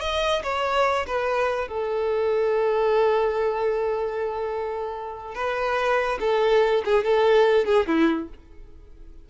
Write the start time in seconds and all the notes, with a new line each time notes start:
0.00 D#5
0.43 C#5
1.06 B4
1.68 A4
5.34 B4
6.20 A4
6.84 G#4
7.04 A4
7.65 G#4
7.86 E4